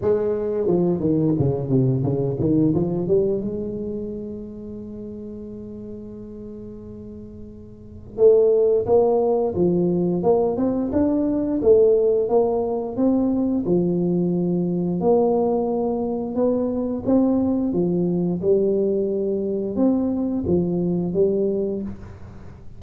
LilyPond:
\new Staff \with { instrumentName = "tuba" } { \time 4/4 \tempo 4 = 88 gis4 f8 dis8 cis8 c8 cis8 dis8 | f8 g8 gis2.~ | gis1 | a4 ais4 f4 ais8 c'8 |
d'4 a4 ais4 c'4 | f2 ais2 | b4 c'4 f4 g4~ | g4 c'4 f4 g4 | }